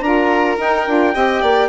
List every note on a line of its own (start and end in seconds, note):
0.00 0.56 D4
0.00 0.56 F4
0.00 1.14 A#4
0.00 0.56 A#5
0.56 0.84 D#4
0.56 0.87 D#4
0.56 1.68 G5
0.86 1.15 D4
0.86 1.12 F4
1.12 1.42 C4
1.12 1.68 G4
1.12 1.41 D#5
1.41 1.68 A#3
1.41 1.68 D5